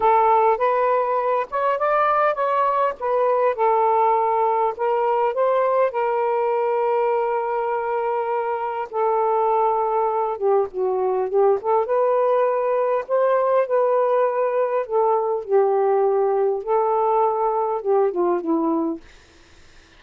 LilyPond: \new Staff \with { instrumentName = "saxophone" } { \time 4/4 \tempo 4 = 101 a'4 b'4. cis''8 d''4 | cis''4 b'4 a'2 | ais'4 c''4 ais'2~ | ais'2. a'4~ |
a'4. g'8 fis'4 g'8 a'8 | b'2 c''4 b'4~ | b'4 a'4 g'2 | a'2 g'8 f'8 e'4 | }